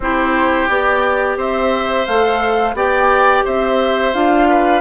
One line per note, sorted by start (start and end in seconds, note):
0.00 0.68 C4
0.00 0.69 E4
0.00 1.37 G4
0.00 0.68 C5
0.68 1.36 B3
0.68 2.07 G4
0.68 1.37 D5
1.36 2.05 C4
1.36 2.75 C5
1.36 2.06 E5
2.06 2.73 A3
2.06 2.75 A4
2.06 2.75 F5
2.73 3.42 B3
2.73 4.13 G4
2.73 3.44 D5
2.73 3.45 G5
3.44 4.14 C4
3.44 4.48 C5
3.44 4.14 E5
4.13 4.80 D4
4.13 4.80 F4
4.13 4.80 F5
4.48 4.80 B4